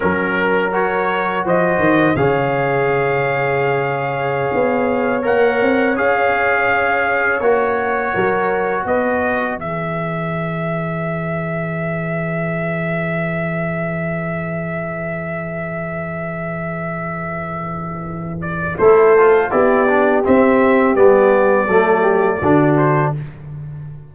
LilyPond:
<<
  \new Staff \with { instrumentName = "trumpet" } { \time 4/4 \tempo 4 = 83 ais'4 cis''4 dis''4 f''4~ | f''2.~ f''16 fis''8.~ | fis''16 f''2 cis''4.~ cis''16~ | cis''16 dis''4 e''2~ e''8.~ |
e''1~ | e''1~ | e''4. d''8 c''4 d''4 | e''4 d''2~ d''8 c''8 | }
  \new Staff \with { instrumentName = "horn" } { \time 4/4 ais'2 c''4 cis''4~ | cis''1~ | cis''2.~ cis''16 ais'8.~ | ais'16 b'2.~ b'8.~ |
b'1~ | b'1~ | b'2 a'4 g'4~ | g'2 a'8 g'8 fis'4 | }
  \new Staff \with { instrumentName = "trombone" } { \time 4/4 cis'4 fis'2 gis'4~ | gis'2.~ gis'16 ais'8.~ | ais'16 gis'2 fis'4.~ fis'16~ | fis'4~ fis'16 gis'2~ gis'8.~ |
gis'1~ | gis'1~ | gis'2 e'8 f'8 e'8 d'8 | c'4 b4 a4 d'4 | }
  \new Staff \with { instrumentName = "tuba" } { \time 4/4 fis2 f8 dis8 cis4~ | cis2~ cis16 b4 ais8 c'16~ | c'16 cis'2 ais4 fis8.~ | fis16 b4 e2~ e8.~ |
e1~ | e1~ | e2 a4 b4 | c'4 g4 fis4 d4 | }
>>